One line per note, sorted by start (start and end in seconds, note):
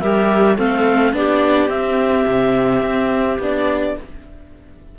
0.00 0.58 G3
0.00 0.57 G4
0.00 0.56 A#4
0.00 0.56 E5
0.56 1.13 A3
0.56 1.13 C4
0.56 1.12 A4
0.56 1.14 F5
1.13 1.69 B3
1.13 1.69 D4
1.13 3.97 G4
1.13 1.69 D5
1.69 2.25 C4
1.69 3.37 C4
1.69 3.37 E5
2.27 2.82 C3
2.82 3.39 C4
3.39 3.95 B3
3.39 3.98 D4
3.39 3.98 D5